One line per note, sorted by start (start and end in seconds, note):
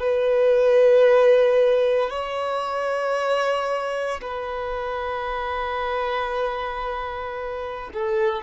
0.00 2.11 B4
2.11 4.21 C#5
4.22 7.90 B4
7.93 8.43 A4